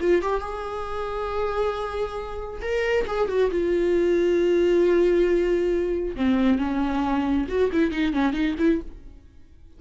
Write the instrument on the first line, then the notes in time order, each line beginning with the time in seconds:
viola
0.00 F4
0.22 G4
0.40 G#4
2.61 A#4
3.07 G#4
3.28 F#4
3.51 F4
6.16 C4
6.58 C#4
7.48 F#4
7.72 E4
7.91 D#4
8.13 C#4
8.33 D#4
8.58 E4